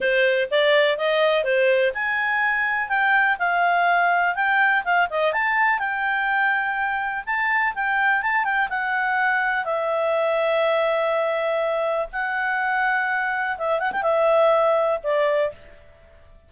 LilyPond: \new Staff \with { instrumentName = "clarinet" } { \time 4/4 \tempo 4 = 124 c''4 d''4 dis''4 c''4 | gis''2 g''4 f''4~ | f''4 g''4 f''8 dis''8 a''4 | g''2. a''4 |
g''4 a''8 g''8 fis''2 | e''1~ | e''4 fis''2. | e''8 fis''16 g''16 e''2 d''4 | }